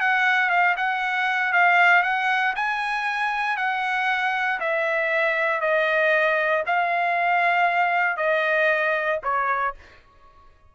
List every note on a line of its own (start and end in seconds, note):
0.00 0.50 F#5
0.50 0.75 F5
0.77 1.53 F#5
1.53 2.03 F5
2.03 2.54 F#5
2.55 3.57 G#5
3.57 4.59 F#5
4.60 5.61 E5
5.61 6.63 D#5
6.66 8.17 F5
8.17 9.20 D#5
9.23 9.74 C#5